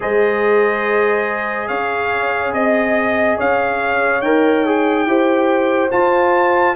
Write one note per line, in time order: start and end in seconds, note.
0.00 1.69 G#3
0.00 4.22 G#4
0.00 1.68 C5
0.00 1.68 D#5
1.68 2.52 C#4
1.68 2.52 C#5
1.68 2.52 F5
2.52 3.37 C4
2.52 3.38 D#5
2.52 3.37 D#5
3.37 4.21 C#4
3.37 5.06 C#5
3.37 4.21 F5
4.21 5.05 D#4
4.21 4.65 A#4
4.21 5.90 G5
4.65 5.07 G#4
5.05 5.90 E4
5.05 5.90 G4
5.05 6.75 C5
5.90 6.75 F4
5.90 6.75 A5